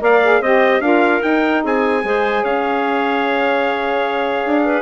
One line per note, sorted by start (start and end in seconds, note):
0.00 0.41 A#3
0.00 0.20 A#4
0.00 0.41 D5
0.00 0.43 F5
0.24 0.43 G#4
0.41 0.80 C4
0.41 0.81 G4
0.41 0.81 C5
0.41 0.81 D#5
0.80 1.20 D4
0.80 1.21 F4
0.80 1.64 A#4
0.80 1.22 F5
1.21 2.01 D#4
1.21 1.64 D#4
1.21 1.63 G5
1.64 2.04 C4
1.64 2.04 G#4
1.64 2.44 G#5
2.04 2.44 G#3
2.04 4.82 G#4
2.04 2.43 C5
2.43 4.45 C#4
2.43 4.65 C#5
2.43 4.82 F5
4.45 4.82 D4
4.65 4.82 B4